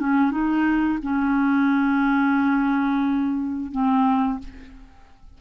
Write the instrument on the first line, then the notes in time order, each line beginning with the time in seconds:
clarinet
0.00 C#4
0.32 D#4
1.02 C#4
3.72 C4